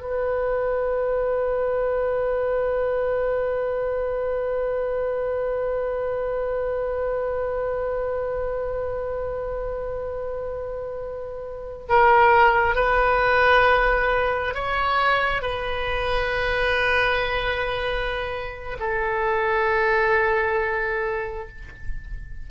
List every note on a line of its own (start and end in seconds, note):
0.00 11.87 B4
11.89 12.75 A#4
12.75 14.54 B4
14.54 15.42 C#5
15.42 18.77 B4
18.79 21.48 A4